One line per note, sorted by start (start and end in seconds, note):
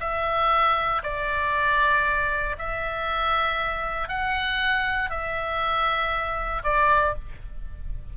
0.00 1.02 E5
1.03 2.56 D5
2.58 4.08 E5
4.08 5.10 F#5
5.10 6.62 E5
6.64 7.14 D5